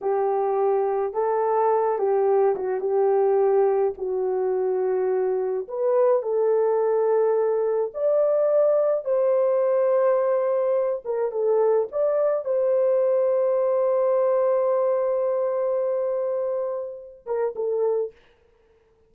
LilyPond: \new Staff \with { instrumentName = "horn" } { \time 4/4 \tempo 4 = 106 g'2 a'4. g'8~ | g'8 fis'8 g'2 fis'4~ | fis'2 b'4 a'4~ | a'2 d''2 |
c''2.~ c''8 ais'8 | a'4 d''4 c''2~ | c''1~ | c''2~ c''8 ais'8 a'4 | }